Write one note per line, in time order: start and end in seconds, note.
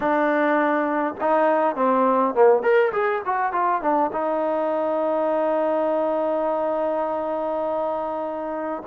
0.00 1.14 D4
1.20 1.75 D#4
1.75 2.34 C4
2.34 2.62 A#3
2.62 2.92 A#4
2.92 3.22 G#4
3.25 3.52 F#4
3.52 3.81 F4
3.81 4.10 D4
4.12 8.83 D#4